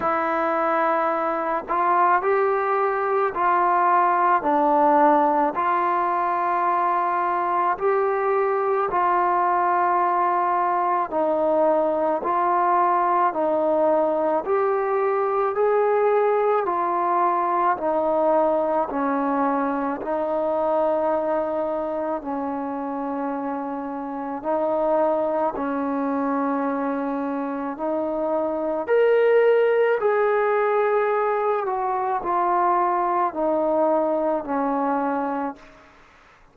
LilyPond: \new Staff \with { instrumentName = "trombone" } { \time 4/4 \tempo 4 = 54 e'4. f'8 g'4 f'4 | d'4 f'2 g'4 | f'2 dis'4 f'4 | dis'4 g'4 gis'4 f'4 |
dis'4 cis'4 dis'2 | cis'2 dis'4 cis'4~ | cis'4 dis'4 ais'4 gis'4~ | gis'8 fis'8 f'4 dis'4 cis'4 | }